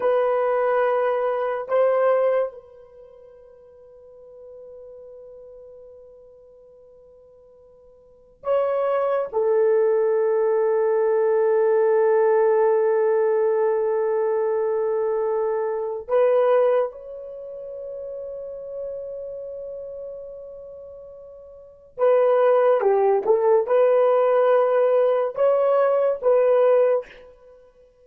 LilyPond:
\new Staff \with { instrumentName = "horn" } { \time 4/4 \tempo 4 = 71 b'2 c''4 b'4~ | b'1~ | b'2 cis''4 a'4~ | a'1~ |
a'2. b'4 | cis''1~ | cis''2 b'4 g'8 a'8 | b'2 cis''4 b'4 | }